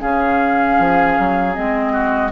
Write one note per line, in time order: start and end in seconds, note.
0.00 0.78 C#3
0.00 1.54 C#4
0.00 1.92 G#4
0.00 1.54 F5
0.78 1.17 F3
1.18 1.57 F#3
1.54 2.31 G#3
1.54 2.31 C4
1.54 2.31 D#5
1.92 2.31 F#4